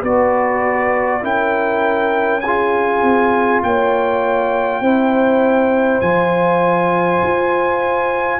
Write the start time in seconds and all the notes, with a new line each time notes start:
0.00 B3 F#4 B4 D5
1.21 C#4 E4 A#4 G5
2.40 F4 G#4 G#5
3.02 C4
3.62 A#3 C#5 G5
4.80 C4 E4 C5
6.00 F3 F4 G#5
7.23 F4